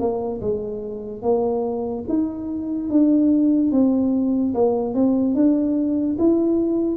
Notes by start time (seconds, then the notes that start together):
0.00 A#3
0.41 G#3
1.23 A#3
2.09 D#4
2.90 D4
3.72 C4
4.55 A#3
4.95 C4
5.35 D4
6.19 E4